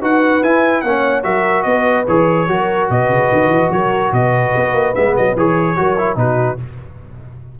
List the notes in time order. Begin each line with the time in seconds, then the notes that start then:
0.00 D#4 F#4 B4 F#5
0.42 E4 G#5
0.81 A#3 C#4 F#5
0.88 C#5
1.23 F#3 F#4 A#4 E5
1.63 B3 B4 D#5
2.07 E3 G#4 C#5
2.48 F#3 F#4 A#4
2.89 B2 B4 D#5
3.09 C#3
3.32 D#3
3.48 E3
3.71 F#3 A#4 C#5
4.12 B2 B4 D#5
4.56 B3
4.73 A#3
4.95 G#3 B3 E5
5.16 F#3 D#5
5.36 E3 G#4 C#5
5.76 F#3 F#4 A#4
5.98 E4
6.16 B2 D#4 F#4 B4